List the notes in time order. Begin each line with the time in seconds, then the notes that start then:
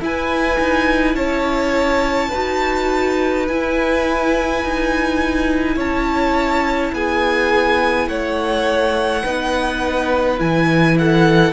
0.00 E4 B4 G#5
0.59 D#4
1.14 C#4 C#5 A5
2.29 F#4 B4
2.35 D#4
3.47 E4 G#5
4.63 D#4
5.75 C#4 C#5 A5
6.92 B3 G#4 G#5
8.07 A3 C#5 F#5
9.22 B3 D#4 B4
10.37 E3 E4 G#5
10.98 A4 F#5